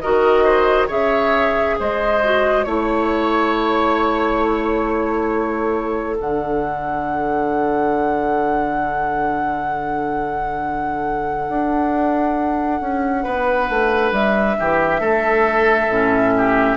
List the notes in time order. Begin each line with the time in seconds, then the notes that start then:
0.00 D#3 F#4 A#4 D#5
0.44 C5
0.87 C#3 G#4 C#5 E5
1.79 G#3 C5 D#5
2.24 F#4
2.64 A3 E4 C#5
5.30 A4
6.19 D3 D4 F#5
11.49 D4
12.81 C#4
13.23 B3 B4
13.69 A3
14.12 G3 E5
14.60 E3 G4
15.00 A3 A4
15.88 A2 C#4
16.37 G4